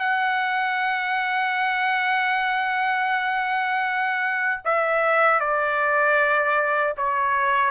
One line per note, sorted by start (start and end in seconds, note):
0.00 4.62 F#5
4.65 5.41 E5
5.41 6.94 D5
6.98 7.71 C#5